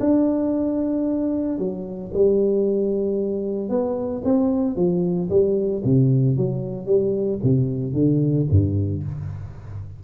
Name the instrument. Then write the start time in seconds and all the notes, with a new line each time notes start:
tuba
0.00 D4
1.59 F#3
2.14 G3
3.69 B3
4.24 C4
4.76 F3
5.30 G3
5.85 C3
6.37 F#3
6.86 G3
7.43 C3
7.93 D3
8.51 G2